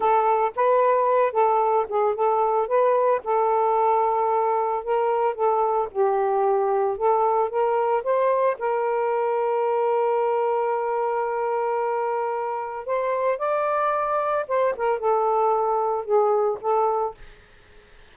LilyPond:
\new Staff \with { instrumentName = "saxophone" } { \time 4/4 \tempo 4 = 112 a'4 b'4. a'4 gis'8 | a'4 b'4 a'2~ | a'4 ais'4 a'4 g'4~ | g'4 a'4 ais'4 c''4 |
ais'1~ | ais'1 | c''4 d''2 c''8 ais'8 | a'2 gis'4 a'4 | }